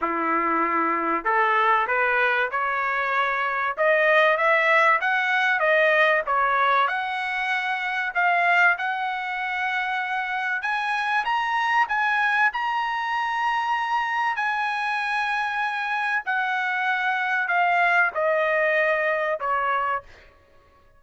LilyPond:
\new Staff \with { instrumentName = "trumpet" } { \time 4/4 \tempo 4 = 96 e'2 a'4 b'4 | cis''2 dis''4 e''4 | fis''4 dis''4 cis''4 fis''4~ | fis''4 f''4 fis''2~ |
fis''4 gis''4 ais''4 gis''4 | ais''2. gis''4~ | gis''2 fis''2 | f''4 dis''2 cis''4 | }